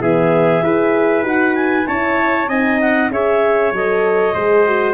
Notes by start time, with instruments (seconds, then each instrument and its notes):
0.00 tuba E3, horn B3, trumpet G#4, clarinet E5
0.62 tuba E4, horn G#4, trumpet B4
1.22 tuba D#4, horn F#4, clarinet F#5
1.55 clarinet G#5
1.86 tuba C#4, horn E4, trumpet C#5, clarinet A5
2.48 tuba C4, horn D#4, trumpet D#5, clarinet G#5
2.81 clarinet F#5
3.11 tuba C#4, horn G#4, trumpet C#5, clarinet E5
3.72 tuba F#3, horn A4, clarinet D#5
4.34 tuba G#3, horn G#4, trumpet C5
4.66 horn F#4